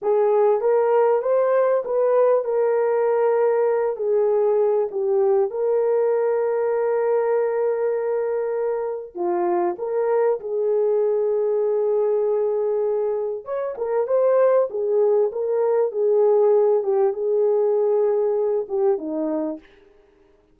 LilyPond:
\new Staff \with { instrumentName = "horn" } { \time 4/4 \tempo 4 = 98 gis'4 ais'4 c''4 b'4 | ais'2~ ais'8 gis'4. | g'4 ais'2.~ | ais'2. f'4 |
ais'4 gis'2.~ | gis'2 cis''8 ais'8 c''4 | gis'4 ais'4 gis'4. g'8 | gis'2~ gis'8 g'8 dis'4 | }